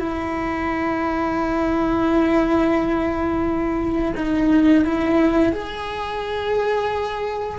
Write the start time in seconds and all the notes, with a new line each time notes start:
0.00 E4
4.17 D#4
4.85 E4
5.53 G#4